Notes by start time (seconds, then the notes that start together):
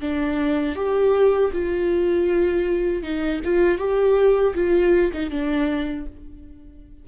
0.00 D4
0.75 G4
1.53 F4
3.03 D#4
3.44 F4
3.78 G4
4.55 F4
5.13 D#4
5.30 D4